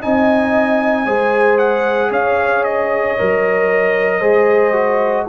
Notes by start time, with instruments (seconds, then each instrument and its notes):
0.00 tuba C4, trombone D#4, horn D#5, trumpet G#5
1.05 tuba G#3, trombone G#4, horn C5
1.58 trumpet F#5
2.10 tuba C#4, horn C#5, trumpet F5
2.64 trumpet D#5
3.18 tuba F#3, trombone A#4
4.19 tuba G#3, trombone G#4, horn C5
4.73 trombone F#4